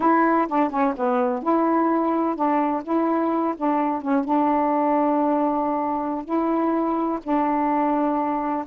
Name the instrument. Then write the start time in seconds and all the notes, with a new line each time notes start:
saxophone
0.00 E4
0.47 D4
0.70 C#4
0.96 B3
1.42 E4
2.35 D4
2.83 E4
3.56 D4
4.01 C#4
4.24 D4
6.24 E4
7.23 D4